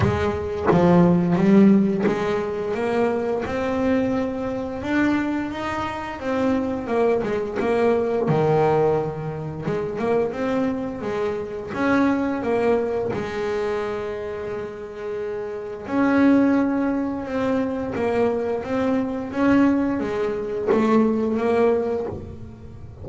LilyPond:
\new Staff \with { instrumentName = "double bass" } { \time 4/4 \tempo 4 = 87 gis4 f4 g4 gis4 | ais4 c'2 d'4 | dis'4 c'4 ais8 gis8 ais4 | dis2 gis8 ais8 c'4 |
gis4 cis'4 ais4 gis4~ | gis2. cis'4~ | cis'4 c'4 ais4 c'4 | cis'4 gis4 a4 ais4 | }